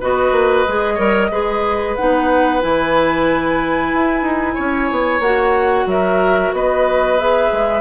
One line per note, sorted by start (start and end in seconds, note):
0.00 0.32 B3
0.00 0.66 F#4
0.00 0.94 B4
0.00 1.96 D#5
0.32 0.64 A#3
0.67 0.98 G#3
0.67 0.97 G#4
0.94 1.31 G3
0.94 1.30 A#4
0.94 1.27 C#5
1.31 1.96 G#3
1.31 1.96 G#4
1.31 4.54 B4
1.96 2.63 B3
1.96 2.60 D#4
1.96 2.61 F#5
2.60 3.93 E3
2.60 5.21 E4
2.60 5.21 G#5
3.93 4.22 E4
4.22 4.54 D#4
4.54 4.91 C#4
4.54 5.85 C#5
4.91 5.19 B3
5.19 5.85 A#3
5.19 7.18 F#4
5.19 5.86 F#5
5.86 6.51 F#3
5.86 6.54 A#4
5.86 6.53 E5
6.52 7.50 B3
6.52 7.80 B4
6.52 7.18 D#5
7.18 7.80 G#4
7.18 7.80 E5
7.52 7.80 G#3